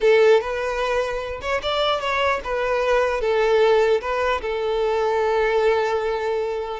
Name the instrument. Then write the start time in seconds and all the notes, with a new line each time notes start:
violin
0.01 A4
0.40 B4
1.41 C#5
1.62 D5
2.00 C#5
2.44 B4
3.21 A4
4.01 B4
4.41 A4